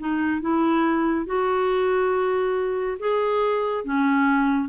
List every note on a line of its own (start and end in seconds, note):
0.00 0.42 D#4
0.42 1.27 E4
1.27 2.98 F#4
3.00 3.85 G#4
3.85 4.69 C#4